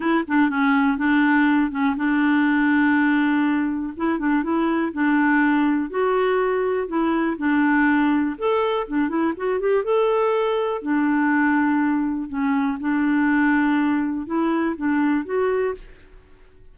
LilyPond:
\new Staff \with { instrumentName = "clarinet" } { \time 4/4 \tempo 4 = 122 e'8 d'8 cis'4 d'4. cis'8 | d'1 | e'8 d'8 e'4 d'2 | fis'2 e'4 d'4~ |
d'4 a'4 d'8 e'8 fis'8 g'8 | a'2 d'2~ | d'4 cis'4 d'2~ | d'4 e'4 d'4 fis'4 | }